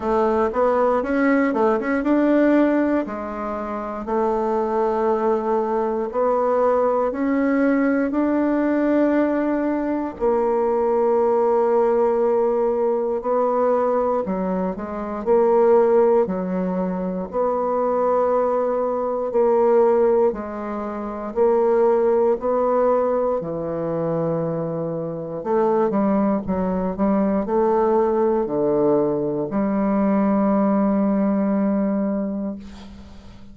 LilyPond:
\new Staff \with { instrumentName = "bassoon" } { \time 4/4 \tempo 4 = 59 a8 b8 cis'8 a16 cis'16 d'4 gis4 | a2 b4 cis'4 | d'2 ais2~ | ais4 b4 fis8 gis8 ais4 |
fis4 b2 ais4 | gis4 ais4 b4 e4~ | e4 a8 g8 fis8 g8 a4 | d4 g2. | }